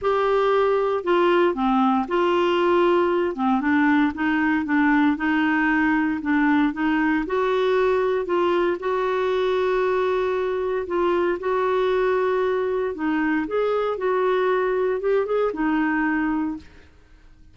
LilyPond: \new Staff \with { instrumentName = "clarinet" } { \time 4/4 \tempo 4 = 116 g'2 f'4 c'4 | f'2~ f'8 c'8 d'4 | dis'4 d'4 dis'2 | d'4 dis'4 fis'2 |
f'4 fis'2.~ | fis'4 f'4 fis'2~ | fis'4 dis'4 gis'4 fis'4~ | fis'4 g'8 gis'8 dis'2 | }